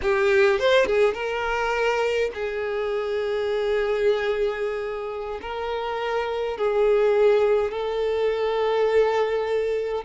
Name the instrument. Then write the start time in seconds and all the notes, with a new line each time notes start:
violin
0.02 G4
0.59 C5
0.85 G#4
1.14 A#4
2.34 G#4
5.41 A#4
6.57 G#4
7.71 A4